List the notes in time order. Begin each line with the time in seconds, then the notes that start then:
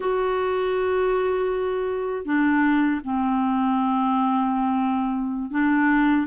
0.00 F#4
2.25 D4
3.04 C4
5.50 D4